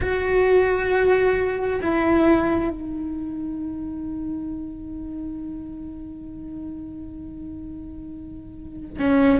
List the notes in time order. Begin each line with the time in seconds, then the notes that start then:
0.00 F#4
1.81 E4
2.70 D#4
8.99 C#4